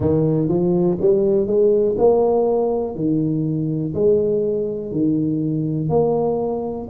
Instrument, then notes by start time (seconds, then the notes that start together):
tuba
0.00 D#3
0.48 F3
1.00 G3
1.46 G#3
1.98 A#3
2.95 D#3
3.94 G#3
4.91 D#3
5.89 A#3